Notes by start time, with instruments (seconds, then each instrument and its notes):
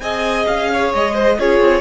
0.00 cello C4, viola G#4, violin D#5 G#5
0.46 cello C#4, violin F5
0.73 violin C#5
0.93 cello G#3, violin D#5
1.14 violin C5
1.38 cello C#4, viola F4, violin G#4 C#5
1.60 cello C4